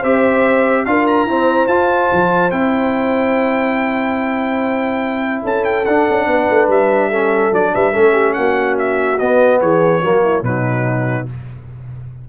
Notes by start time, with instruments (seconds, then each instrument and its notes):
0.00 tuba C4, trombone G4, horn C5, trumpet E5
0.86 tuba D4, trombone F4, horn A#4, trumpet F5
1.07 trumpet A#5
1.26 trombone C4, tuba E4, horn C5
1.68 tuba F4, trombone F4, trumpet A5
2.12 tuba F3
2.51 tuba C4, trombone E4, trumpet G5
5.43 tuba C#4, horn A4, trumpet A5
5.65 trumpet G5
5.85 tuba D4, trombone D4, trumpet F#5
6.10 tuba C#4
6.27 tuba B3, horn B4
6.50 tuba A3
6.68 tuba G3, trumpet E5
7.10 trombone C#4, horn A4
7.52 tuba F#3, trombone D4, trumpet D5
7.74 tuba G3, horn B4, trumpet E5
7.93 tuba A3, trombone C#4, horn A4
8.13 horn G4
8.34 tuba A#3, horn F#4, trumpet F#5
8.78 trumpet E5
9.19 tuba B3, trombone B3, trumpet D#5
9.61 tuba E3, horn G#4, trumpet C#5
10.02 tuba F#3, trombone A#3, horn F#4
10.24 horn E4
10.43 tuba B2, trombone F#3, horn D#4, trumpet B4